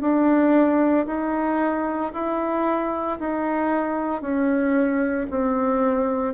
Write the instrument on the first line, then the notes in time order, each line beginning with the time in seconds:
bassoon
0.00 D4
1.06 D#4
2.13 E4
3.19 D#4
4.21 C#4
5.30 C4